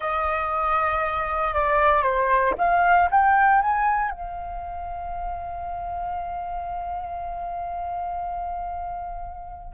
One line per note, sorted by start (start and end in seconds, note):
0.00 1.53 D#5
1.53 2.02 D5
2.02 2.54 C5
2.58 3.09 F5
3.10 3.61 G5
3.61 4.10 G#5
4.10 9.73 F5